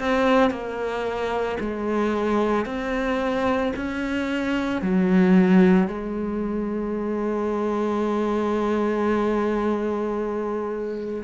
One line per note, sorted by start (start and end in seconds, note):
0.00 0.51 C4
0.51 1.58 A#3
1.60 2.66 G#3
2.66 3.73 C4
3.76 4.82 C#4
4.82 5.88 F#3
5.88 11.24 G#3